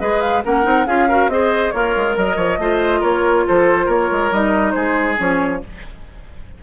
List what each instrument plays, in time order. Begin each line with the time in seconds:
0.00 bassoon G#3, clarinet G#4, oboe B4, flute D#5
0.21 flute F5
0.44 bassoon A#3, clarinet C#4, oboe A#4, flute F#5
0.63 bassoon C4, clarinet D#4
0.87 bassoon C#4, clarinet F4, oboe G#4, flute F5
1.09 clarinet F#4, oboe A#4
1.28 bassoon C4, clarinet G#4, oboe C5, flute D#5
1.71 bassoon A#3, oboe F4, clarinet A#4, flute C#5
1.97 bassoon G#3
2.17 bassoon F#3, oboe A#4, flute D#5
2.36 bassoon F3, oboe C#5
2.58 bassoon A3, clarinet F4, oboe C5
3.01 bassoon A#3, oboe A#4, flute C#5
3.48 bassoon F3, oboe A4, flute C5
3.86 bassoon A#3, oboe A#4, flute C#5
4.12 bassoon G#3
4.31 bassoon G3, clarinet D#4, flute D#5
4.72 bassoon G#3, oboe G#4, flute C5
5.17 bassoon F3, clarinet C#4, flute C#5